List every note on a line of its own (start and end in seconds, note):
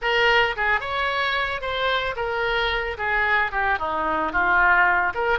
0.01 0.55 A#4
0.56 0.80 G#4
0.80 1.61 C#5
1.61 2.15 C5
2.15 2.97 A#4
2.97 3.51 G#4
3.51 3.78 G4
3.78 4.32 D#4
4.32 5.13 F4
5.14 5.39 A#4